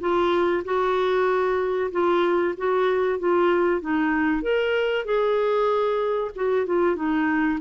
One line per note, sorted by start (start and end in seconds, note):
0.00 0.63 F4
0.64 1.91 F#4
1.91 2.54 F4
2.57 3.19 F#4
3.19 3.81 F4
3.81 4.42 D#4
4.42 5.05 A#4
5.05 6.31 G#4
6.35 6.66 F#4
6.66 6.96 F4
6.96 7.59 D#4